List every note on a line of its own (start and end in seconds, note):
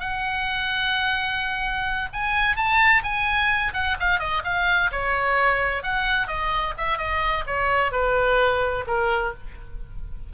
0.00 2.09 F#5
2.13 2.56 G#5
2.56 3.03 A5
3.03 3.73 G#5
3.74 3.97 F#5
4.00 4.19 F5
4.19 4.43 D#5
4.44 4.91 F5
4.92 5.83 C#5
5.83 6.27 F#5
6.27 6.74 D#5
6.77 6.98 E5
6.98 7.45 D#5
7.47 7.92 C#5
7.92 8.85 B4
8.87 9.33 A#4